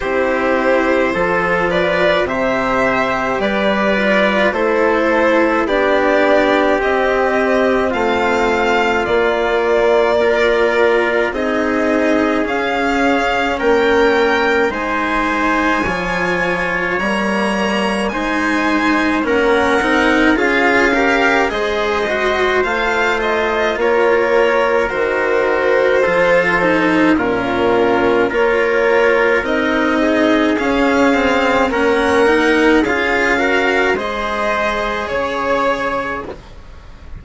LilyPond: <<
  \new Staff \with { instrumentName = "violin" } { \time 4/4 \tempo 4 = 53 c''4. d''8 e''4 d''4 | c''4 d''4 dis''4 f''4 | d''2 dis''4 f''4 | g''4 gis''2 ais''4 |
gis''4 fis''4 f''4 dis''4 | f''8 dis''8 cis''4 c''2 | ais'4 cis''4 dis''4 f''4 | fis''4 f''4 dis''4 cis''4 | }
  \new Staff \with { instrumentName = "trumpet" } { \time 4/4 g'4 a'8 b'8 c''4 b'4 | a'4 g'2 f'4~ | f'4 ais'4 gis'2 | ais'4 c''4 cis''2 |
c''4 ais'4 gis'8 ais'8 c''4~ | c''4 ais'2 a'4 | f'4 ais'4. gis'4. | ais'4 gis'8 ais'8 c''4 cis''4 | }
  \new Staff \with { instrumentName = "cello" } { \time 4/4 e'4 f'4 g'4. f'8 | e'4 d'4 c'2 | ais4 f'4 dis'4 cis'4~ | cis'4 dis'4 f'4 ais4 |
dis'4 cis'8 dis'8 f'8 g'8 gis'8 fis'8 | f'2 fis'4 f'8 dis'8 | cis'4 f'4 dis'4 cis'8 c'8 | cis'8 dis'8 f'8 fis'8 gis'2 | }
  \new Staff \with { instrumentName = "bassoon" } { \time 4/4 c'4 f4 c4 g4 | a4 b4 c'4 a4 | ais2 c'4 cis'4 | ais4 gis4 f4 g4 |
gis4 ais8 c'8 cis'4 gis4 | a4 ais4 dis4 f4 | ais,4 ais4 c'4 cis'4 | ais4 cis'4 gis4 cis4 | }
>>